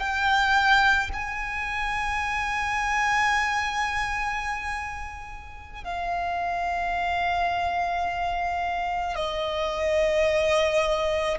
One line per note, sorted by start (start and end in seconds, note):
0.00 1.11 G5
1.14 5.84 G#5
5.84 9.16 F5
9.16 11.38 D#5